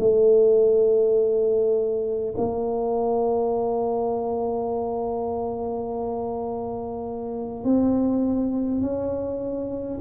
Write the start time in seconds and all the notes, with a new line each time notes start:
0.00 A3
2.38 A#3
7.65 C4
8.81 C#4